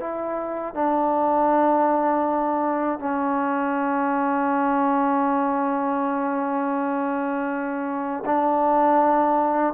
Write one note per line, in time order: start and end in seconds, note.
0.00 0.75 E4
0.75 2.99 D4
2.99 8.24 C#4
8.26 9.74 D4